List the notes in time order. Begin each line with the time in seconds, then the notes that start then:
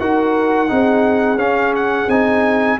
0.00 D#4 F#4 A#4 F#5
0.68 C4 D#4 G#4
1.36 C#4 F5
1.76 F#5
2.08 C4 D#4 G#5